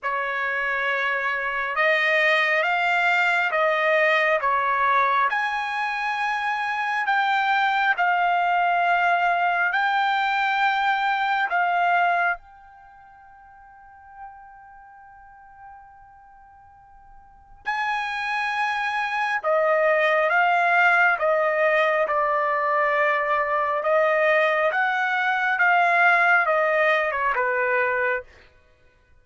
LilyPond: \new Staff \with { instrumentName = "trumpet" } { \time 4/4 \tempo 4 = 68 cis''2 dis''4 f''4 | dis''4 cis''4 gis''2 | g''4 f''2 g''4~ | g''4 f''4 g''2~ |
g''1 | gis''2 dis''4 f''4 | dis''4 d''2 dis''4 | fis''4 f''4 dis''8. cis''16 b'4 | }